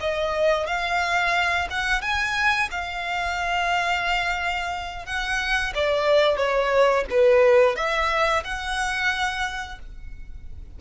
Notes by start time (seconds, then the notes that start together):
0.00 D#5
0.67 F5
1.70 F#5
2.02 G#5
2.71 F5
5.06 F#5
5.75 D5
6.37 C#5
7.10 B4
7.76 E5
8.44 F#5